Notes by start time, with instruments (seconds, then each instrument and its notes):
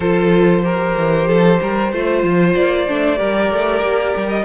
0.00 cello F3, viola F4, violin A4 C5
0.62 viola G4, violin A#4
0.97 cello E3
1.27 cello F3, violin A4
1.61 cello G3, violin A#4
1.92 cello A3, viola F4, violin C5
2.23 cello F3
2.55 cello A#3, violin D5
2.87 cello A3, viola D4
3.15 cello G3, viola G4, violin A#4
3.51 cello A3
3.81 cello A#3
4.16 cello G3
4.29 violin D#5